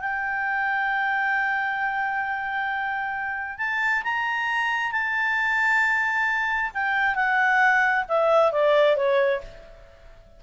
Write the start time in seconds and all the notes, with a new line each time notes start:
0.00 G5
3.58 A5
4.03 A#5
4.92 A5
6.74 G5
7.15 F#5
8.08 E5
8.52 D5
8.96 C#5